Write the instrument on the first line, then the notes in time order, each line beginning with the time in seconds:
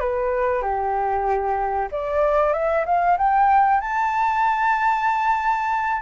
flute
0.00 B4
0.62 G4
1.91 D5
2.53 E5
2.86 F5
3.18 G5
3.81 A5